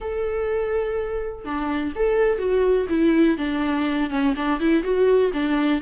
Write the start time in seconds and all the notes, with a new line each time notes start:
0.00 A4
1.45 D4
1.95 A4
2.38 F#4
2.89 E4
3.37 D4
4.10 C#4
4.35 D4
4.60 E4
4.83 F#4
5.33 D4